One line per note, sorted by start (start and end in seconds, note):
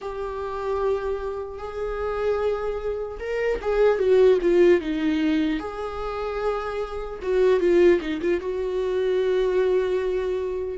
0.01 1.58 G4
1.58 3.18 G#4
3.19 3.59 A#4
3.61 3.98 G#4
3.98 4.38 F#4
4.41 4.80 F4
4.80 5.59 D#4
5.59 7.19 G#4
7.22 7.60 F#4
7.60 8.00 F4
8.00 8.20 D#4
8.21 8.40 F4
8.40 10.77 F#4